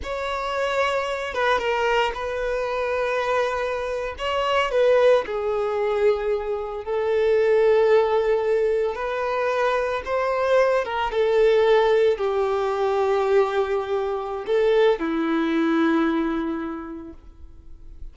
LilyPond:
\new Staff \with { instrumentName = "violin" } { \time 4/4 \tempo 4 = 112 cis''2~ cis''8 b'8 ais'4 | b'2.~ b'8. cis''16~ | cis''8. b'4 gis'2~ gis'16~ | gis'8. a'2.~ a'16~ |
a'8. b'2 c''4~ c''16~ | c''16 ais'8 a'2 g'4~ g'16~ | g'2. a'4 | e'1 | }